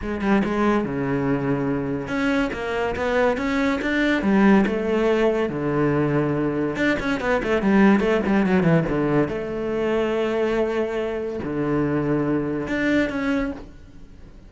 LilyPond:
\new Staff \with { instrumentName = "cello" } { \time 4/4 \tempo 4 = 142 gis8 g8 gis4 cis2~ | cis4 cis'4 ais4 b4 | cis'4 d'4 g4 a4~ | a4 d2. |
d'8 cis'8 b8 a8 g4 a8 g8 | fis8 e8 d4 a2~ | a2. d4~ | d2 d'4 cis'4 | }